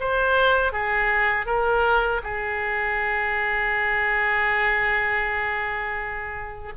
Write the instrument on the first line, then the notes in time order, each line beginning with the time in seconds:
oboe
0.00 C5
0.72 G#4
1.46 A#4
2.23 G#4